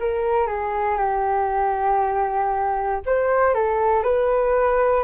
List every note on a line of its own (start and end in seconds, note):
0.00 0.47 A#4
0.47 0.98 G#4
0.98 3.01 G4
3.06 3.55 C5
3.55 4.03 A4
4.03 5.04 B4